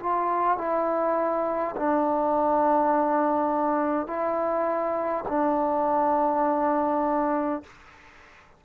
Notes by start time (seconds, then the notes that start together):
0.00 F4
0.58 E4
1.77 D4
4.07 E4
5.28 D4